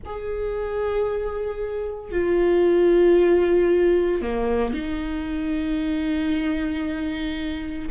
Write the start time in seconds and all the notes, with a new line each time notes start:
0.05 G#4
2.11 F4
4.21 A#3
4.73 D#4